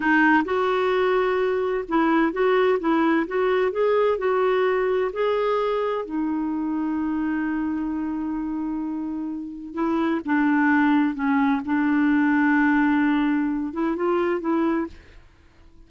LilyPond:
\new Staff \with { instrumentName = "clarinet" } { \time 4/4 \tempo 4 = 129 dis'4 fis'2. | e'4 fis'4 e'4 fis'4 | gis'4 fis'2 gis'4~ | gis'4 dis'2.~ |
dis'1~ | dis'4 e'4 d'2 | cis'4 d'2.~ | d'4. e'8 f'4 e'4 | }